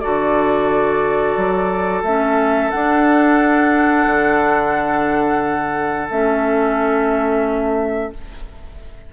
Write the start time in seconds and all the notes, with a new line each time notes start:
0.00 D3 F#4 A4 D5
1.36 F#3
2.03 A3 C#4 E5
2.70 D4 F#5
4.06 D3
6.10 A3 C#4 E5